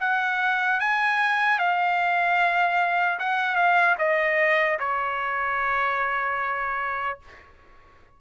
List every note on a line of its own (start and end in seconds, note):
0.00 0.80 F#5
0.80 1.59 G#5
1.59 3.19 F5
3.19 3.55 F#5
3.55 3.95 F5
3.98 4.78 D#5
4.79 7.19 C#5